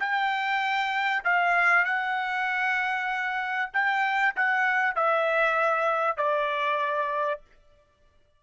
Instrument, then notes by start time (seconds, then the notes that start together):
trumpet
0.00 G5
1.25 F5
1.85 F#5
3.74 G5
4.36 F#5
4.96 E5
6.17 D5